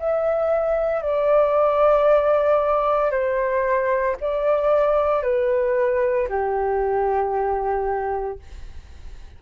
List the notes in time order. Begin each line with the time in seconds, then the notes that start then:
0.00 E5
1.02 D5
3.11 C5
4.21 D5
5.23 B4
6.29 G4